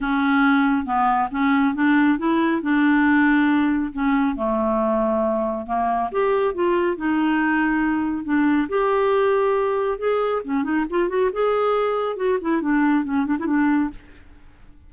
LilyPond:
\new Staff \with { instrumentName = "clarinet" } { \time 4/4 \tempo 4 = 138 cis'2 b4 cis'4 | d'4 e'4 d'2~ | d'4 cis'4 a2~ | a4 ais4 g'4 f'4 |
dis'2. d'4 | g'2. gis'4 | cis'8 dis'8 f'8 fis'8 gis'2 | fis'8 e'8 d'4 cis'8 d'16 e'16 d'4 | }